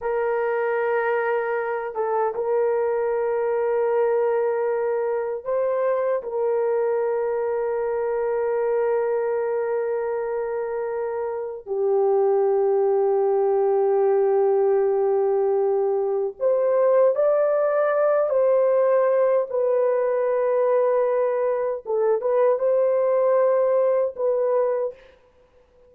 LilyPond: \new Staff \with { instrumentName = "horn" } { \time 4/4 \tempo 4 = 77 ais'2~ ais'8 a'8 ais'4~ | ais'2. c''4 | ais'1~ | ais'2. g'4~ |
g'1~ | g'4 c''4 d''4. c''8~ | c''4 b'2. | a'8 b'8 c''2 b'4 | }